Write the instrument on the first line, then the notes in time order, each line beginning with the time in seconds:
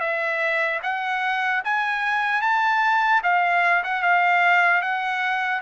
trumpet
0.00 E5
0.83 F#5
1.64 G#5
2.41 A5
3.23 F5
3.84 F#5
4.02 F5
4.81 F#5